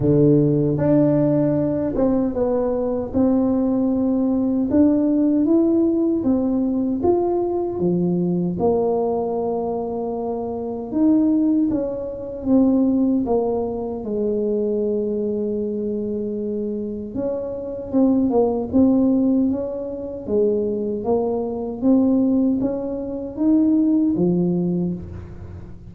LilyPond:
\new Staff \with { instrumentName = "tuba" } { \time 4/4 \tempo 4 = 77 d4 d'4. c'8 b4 | c'2 d'4 e'4 | c'4 f'4 f4 ais4~ | ais2 dis'4 cis'4 |
c'4 ais4 gis2~ | gis2 cis'4 c'8 ais8 | c'4 cis'4 gis4 ais4 | c'4 cis'4 dis'4 f4 | }